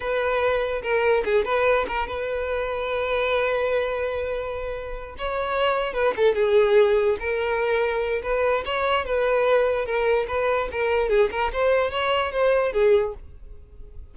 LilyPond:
\new Staff \with { instrumentName = "violin" } { \time 4/4 \tempo 4 = 146 b'2 ais'4 gis'8 b'8~ | b'8 ais'8 b'2.~ | b'1~ | b'8 cis''2 b'8 a'8 gis'8~ |
gis'4. ais'2~ ais'8 | b'4 cis''4 b'2 | ais'4 b'4 ais'4 gis'8 ais'8 | c''4 cis''4 c''4 gis'4 | }